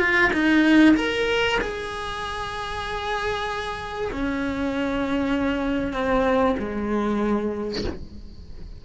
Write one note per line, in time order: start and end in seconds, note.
0.00 0.31 F4
0.33 0.95 D#4
0.96 1.59 A#4
1.62 4.12 G#4
4.12 5.93 C#4
5.93 6.56 C4
6.59 7.84 G#3